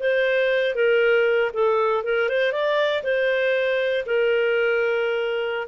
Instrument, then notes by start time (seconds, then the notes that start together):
clarinet
0.00 C5
0.75 A#4
1.53 A4
2.04 A#4
2.29 C5
2.52 D5
3.03 C5
4.06 A#4